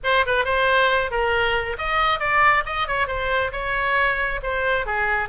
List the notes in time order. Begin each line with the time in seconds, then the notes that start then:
0.03 C5
0.26 B4
0.44 C5
1.10 A#4
1.78 D#5
2.19 D5
2.65 D#5
2.87 C#5
3.07 C5
3.52 C#5
4.42 C5
4.86 G#4